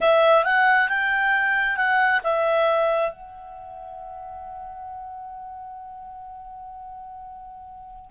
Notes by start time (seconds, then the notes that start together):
0.00 E5
0.44 F#5
0.88 G5
1.76 F#5
2.23 E5
3.11 F#5